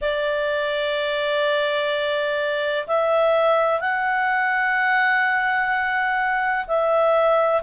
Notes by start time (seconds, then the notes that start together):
0.01 D5
2.87 E5
3.80 F#5
6.67 E5